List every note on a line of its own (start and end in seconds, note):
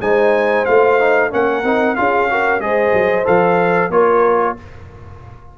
0.00 0.65 G#3
0.00 0.66 D#4
0.00 1.31 C5
0.00 0.65 G#5
0.65 1.33 A3
0.65 1.00 F4
0.65 1.31 F5
1.00 1.31 D#4
1.31 1.64 A#3
1.31 1.63 C#4
1.31 1.98 A#4
1.31 1.96 F#5
1.64 1.96 C4
1.64 1.96 D#4
1.96 2.60 C#4
1.96 2.29 F4
1.96 2.31 G#4
1.96 2.60 F5
2.30 2.61 F#4
2.30 2.63 A#4
2.60 2.92 G#3
2.60 3.25 G#4
2.60 3.93 C5
2.60 3.26 D#5
2.93 3.26 F#3
3.25 3.90 F3
3.25 3.90 A4
3.25 3.91 F5
3.90 4.55 A#3
3.90 4.57 F4
3.90 4.58 A#4
3.90 4.57 C#5